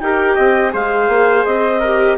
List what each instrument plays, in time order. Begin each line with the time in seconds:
0.00 bassoon D#4, viola G4, trumpet A#4, clarinet G5
0.35 bassoon C4, trumpet D#5
0.70 bassoon G#3, viola G#4, trumpet C5, clarinet F5
1.08 bassoon A#3
1.44 bassoon C4, clarinet D#5
1.80 viola G4, trumpet A#4